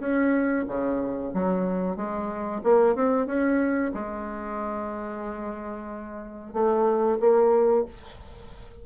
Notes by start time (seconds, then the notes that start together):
0.00 C#4
0.68 C#3
1.34 F#3
1.97 G#3
2.64 A#3
2.96 C4
3.27 C#4
3.95 G#3
6.54 A3
7.21 A#3